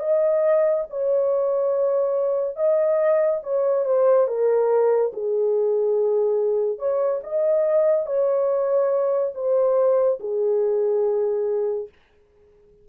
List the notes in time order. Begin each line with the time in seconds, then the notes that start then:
0.00 D#5
0.90 C#5
2.57 D#5
3.43 C#5
3.85 C5
4.28 A#4
5.13 G#4
6.79 C#5
7.24 D#5
8.07 C#5
9.35 C5
10.20 G#4